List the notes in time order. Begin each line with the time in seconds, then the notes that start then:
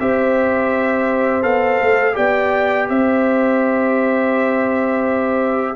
0.00 C4 G4 C5 E5
1.42 B3 A4 F5
1.81 A3
2.14 B3 G4 D5 G5
2.89 C4 C5 E5